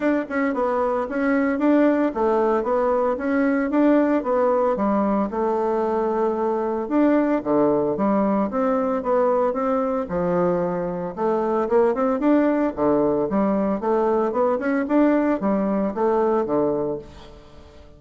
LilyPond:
\new Staff \with { instrumentName = "bassoon" } { \time 4/4 \tempo 4 = 113 d'8 cis'8 b4 cis'4 d'4 | a4 b4 cis'4 d'4 | b4 g4 a2~ | a4 d'4 d4 g4 |
c'4 b4 c'4 f4~ | f4 a4 ais8 c'8 d'4 | d4 g4 a4 b8 cis'8 | d'4 g4 a4 d4 | }